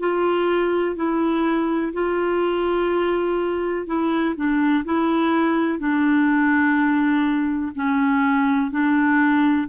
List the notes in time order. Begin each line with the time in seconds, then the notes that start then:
0.00 F4
0.96 E4
1.94 F4
3.87 E4
4.36 D4
4.85 E4
5.79 D4
7.75 C#4
8.71 D4